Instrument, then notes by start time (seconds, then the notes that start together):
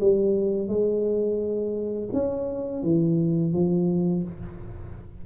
tuba
0.00 G3
0.68 G#3
2.13 C#4
2.83 E3
3.53 F3